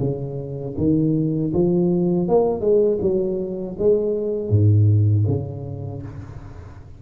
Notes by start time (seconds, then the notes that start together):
0.00 C#3
0.78 D#3
1.54 F3
2.29 A#3
2.61 G#3
3.02 F#3
3.79 G#3
4.50 G#2
5.28 C#3